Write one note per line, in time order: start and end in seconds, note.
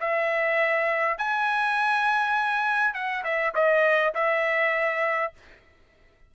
0.00 1.18 E5
1.18 2.94 G#5
2.94 3.24 F#5
3.24 3.53 E5
3.55 4.14 D#5
4.14 5.33 E5